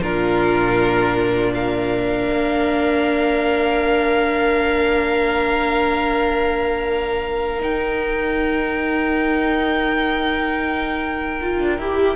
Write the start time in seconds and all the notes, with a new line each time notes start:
0.00 A#2 D4 F4 A#4
1.54 A#4 F5
2.30 A#3
7.59 D#4 G5
11.41 F4
11.59 D4
11.78 E4 G4